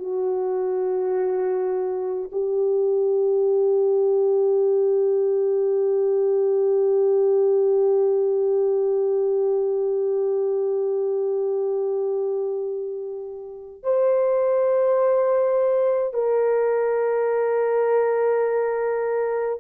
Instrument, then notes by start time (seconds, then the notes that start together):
horn
0.00 F#4
2.32 G4
13.84 C5
16.14 A#4